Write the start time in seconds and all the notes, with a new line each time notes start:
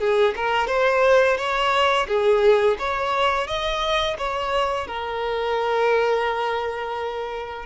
0.00 G#4
0.36 A#4
0.68 C5
1.38 C#5
2.08 G#4
2.79 C#5
3.48 D#5
4.19 C#5
4.88 A#4